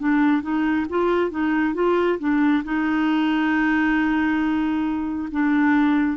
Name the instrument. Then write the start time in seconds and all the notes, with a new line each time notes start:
clarinet
0.00 D4
0.43 D#4
0.90 F4
1.31 D#4
1.75 F4
2.20 D4
2.65 D#4
5.32 D4